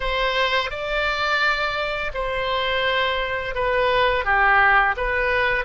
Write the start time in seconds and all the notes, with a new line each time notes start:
0.00 C5
0.70 D5
2.14 C5
3.55 B4
4.24 G4
4.96 B4